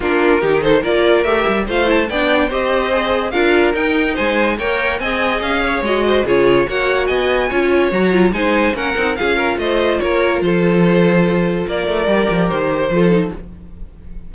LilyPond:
<<
  \new Staff \with { instrumentName = "violin" } { \time 4/4 \tempo 4 = 144 ais'4. c''8 d''4 e''4 | f''8 a''8 g''4 dis''2 | f''4 g''4 gis''4 g''4 | gis''4 f''4 dis''4 cis''4 |
fis''4 gis''2 ais''4 | gis''4 fis''4 f''4 dis''4 | cis''4 c''2. | d''2 c''2 | }
  \new Staff \with { instrumentName = "violin" } { \time 4/4 f'4 g'8 a'8 ais'2 | c''4 d''4 c''2 | ais'2 c''4 cis''4 | dis''4. cis''4 c''8 gis'4 |
cis''4 dis''4 cis''2 | c''4 ais'4 gis'8 ais'8 c''4 | ais'4 a'2. | ais'2. a'4 | }
  \new Staff \with { instrumentName = "viola" } { \time 4/4 d'4 dis'4 f'4 g'4 | f'8 e'8 d'4 g'4 gis'4 | f'4 dis'2 ais'4 | gis'2 fis'4 f'4 |
fis'2 f'4 fis'8 f'8 | dis'4 cis'8 dis'8 f'2~ | f'1~ | f'4 g'2 f'8 dis'8 | }
  \new Staff \with { instrumentName = "cello" } { \time 4/4 ais4 dis4 ais4 a8 g8 | a4 b4 c'2 | d'4 dis'4 gis4 ais4 | c'4 cis'4 gis4 cis4 |
ais4 b4 cis'4 fis4 | gis4 ais8 c'8 cis'4 a4 | ais4 f2. | ais8 a8 g8 f8 dis4 f4 | }
>>